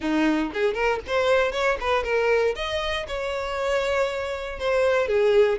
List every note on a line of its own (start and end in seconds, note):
0.00 0.51 D#4
0.53 0.74 G#4
0.74 0.99 A#4
1.07 1.52 C5
1.52 1.77 C#5
1.80 2.03 B4
2.03 2.54 A#4
2.55 3.06 D#5
3.07 4.59 C#5
4.59 5.07 C5
5.07 5.58 G#4